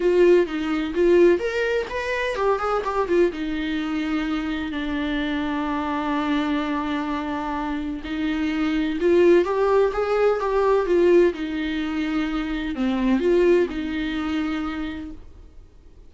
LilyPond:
\new Staff \with { instrumentName = "viola" } { \time 4/4 \tempo 4 = 127 f'4 dis'4 f'4 ais'4 | b'4 g'8 gis'8 g'8 f'8 dis'4~ | dis'2 d'2~ | d'1~ |
d'4 dis'2 f'4 | g'4 gis'4 g'4 f'4 | dis'2. c'4 | f'4 dis'2. | }